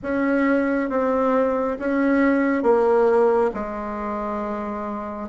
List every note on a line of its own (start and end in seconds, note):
0.02 0.89 C#4
0.89 1.77 C4
1.79 2.62 C#4
2.62 3.51 A#3
3.53 5.29 G#3